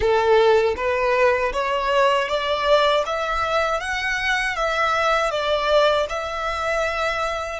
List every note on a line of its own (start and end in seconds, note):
0.00 0.74 A4
0.76 1.52 B4
1.53 2.28 C#5
2.28 3.04 D5
3.06 3.80 E5
3.80 4.56 F#5
4.56 5.30 E5
5.30 6.06 D5
6.09 7.59 E5